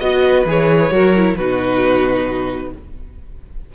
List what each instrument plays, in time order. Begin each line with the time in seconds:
0.00 cello B3, viola F#4, violin D#5
0.27 violin B4
0.45 cello E3, viola G#4, violin C#5
0.91 cello F#3, viola F#4, violin A#4
1.16 viola E4
1.36 cello B2, viola D#4, violin F#4 B4